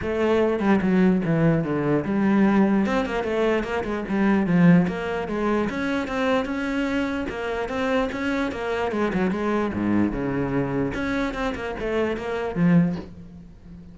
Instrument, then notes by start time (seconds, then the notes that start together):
cello
0.02 A3
0.59 G3
0.81 F#3
1.25 E3
1.64 D3
2.04 G3
2.85 C4
3.05 A#3
3.23 A3
3.63 A#3
3.84 G#3
4.08 G3
4.46 F3
4.87 A#3
5.28 G#3
5.69 C#4
6.07 C4
6.45 C#4
7.29 A#3
7.68 C4
8.12 C#4
8.51 A#3
8.91 G#3
9.13 F#3
9.31 G#3
9.73 G#2
10.11 C#3
10.93 C#4
11.33 C4
11.55 A#3
11.79 A3
12.16 A#3
12.55 F3